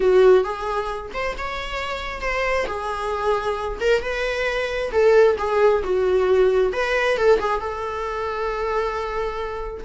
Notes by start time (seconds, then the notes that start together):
0.00 F#4
0.44 G#4
1.13 C5
1.37 C#5
2.21 C5
2.66 G#4
3.80 A#4
4.01 B4
4.92 A4
5.38 G#4
5.83 F#4
6.73 B4
7.17 A4
7.39 G#4
7.60 A4